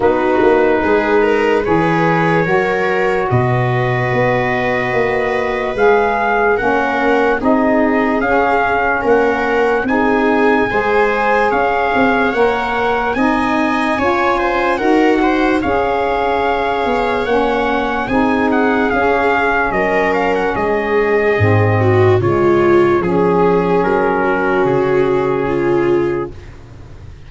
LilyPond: <<
  \new Staff \with { instrumentName = "trumpet" } { \time 4/4 \tempo 4 = 73 b'2 cis''2 | dis''2. f''4 | fis''4 dis''4 f''4 fis''4 | gis''2 f''4 fis''4 |
gis''2 fis''4 f''4~ | f''4 fis''4 gis''8 fis''8 f''4 | dis''8 f''16 fis''16 dis''2 cis''4 | gis'4 ais'4 gis'2 | }
  \new Staff \with { instrumentName = "viola" } { \time 4/4 fis'4 gis'8 ais'8 b'4 ais'4 | b'1 | ais'4 gis'2 ais'4 | gis'4 c''4 cis''2 |
dis''4 cis''8 c''8 ais'8 c''8 cis''4~ | cis''2 gis'2 | ais'4 gis'4. fis'8 f'4 | gis'4. fis'4. f'4 | }
  \new Staff \with { instrumentName = "saxophone" } { \time 4/4 dis'2 gis'4 fis'4~ | fis'2. gis'4 | cis'4 dis'4 cis'2 | dis'4 gis'2 ais'4 |
dis'4 f'4 fis'4 gis'4~ | gis'4 cis'4 dis'4 cis'4~ | cis'2 c'4 gis4 | cis'1 | }
  \new Staff \with { instrumentName = "tuba" } { \time 4/4 b8 ais8 gis4 e4 fis4 | b,4 b4 ais4 gis4 | ais4 c'4 cis'4 ais4 | c'4 gis4 cis'8 c'8 ais4 |
c'4 cis'4 dis'4 cis'4~ | cis'8 b8 ais4 c'4 cis'4 | fis4 gis4 gis,4 cis4 | f4 fis4 cis2 | }
>>